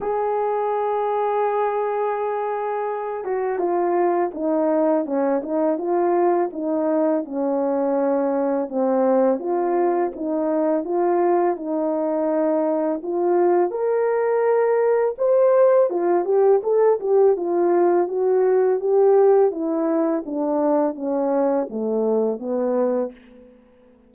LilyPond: \new Staff \with { instrumentName = "horn" } { \time 4/4 \tempo 4 = 83 gis'1~ | gis'8 fis'8 f'4 dis'4 cis'8 dis'8 | f'4 dis'4 cis'2 | c'4 f'4 dis'4 f'4 |
dis'2 f'4 ais'4~ | ais'4 c''4 f'8 g'8 a'8 g'8 | f'4 fis'4 g'4 e'4 | d'4 cis'4 a4 b4 | }